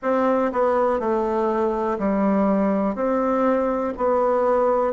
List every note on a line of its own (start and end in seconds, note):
0.02 0.51 C4
0.52 0.99 B3
0.99 1.98 A3
1.99 2.95 G3
2.95 3.93 C4
3.97 4.93 B3